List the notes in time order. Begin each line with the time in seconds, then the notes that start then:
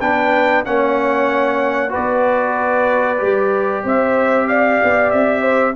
0.00 B3 D4 B4 G5
0.64 A#3 C#4 C#5 F#5
1.89 F#4 B4 D5
1.96 B3
3.17 G3 G4
3.83 C4 C5 E5
4.47 D5 F5
4.83 B3
5.10 C4 E5
5.41 C5